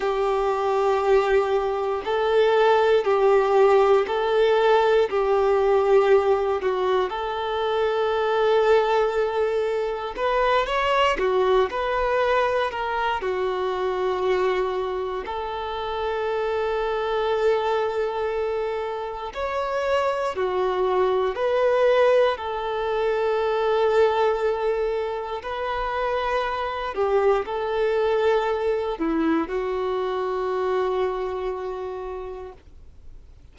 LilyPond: \new Staff \with { instrumentName = "violin" } { \time 4/4 \tempo 4 = 59 g'2 a'4 g'4 | a'4 g'4. fis'8 a'4~ | a'2 b'8 cis''8 fis'8 b'8~ | b'8 ais'8 fis'2 a'4~ |
a'2. cis''4 | fis'4 b'4 a'2~ | a'4 b'4. g'8 a'4~ | a'8 e'8 fis'2. | }